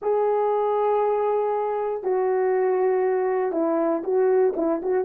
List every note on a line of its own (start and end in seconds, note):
0.02 2.03 G#4
2.03 3.52 F#4
3.52 4.02 E4
4.03 4.54 F#4
4.56 4.81 E4
4.82 5.04 F#4